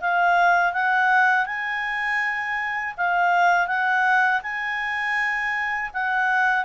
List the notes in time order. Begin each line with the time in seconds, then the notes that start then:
0.00 F5
0.73 F#5
1.46 G#5
2.97 F5
3.67 F#5
4.42 G#5
5.93 F#5